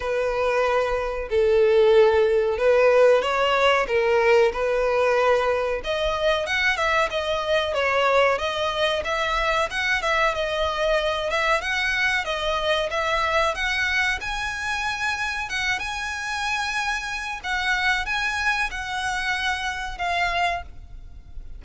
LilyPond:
\new Staff \with { instrumentName = "violin" } { \time 4/4 \tempo 4 = 93 b'2 a'2 | b'4 cis''4 ais'4 b'4~ | b'4 dis''4 fis''8 e''8 dis''4 | cis''4 dis''4 e''4 fis''8 e''8 |
dis''4. e''8 fis''4 dis''4 | e''4 fis''4 gis''2 | fis''8 gis''2~ gis''8 fis''4 | gis''4 fis''2 f''4 | }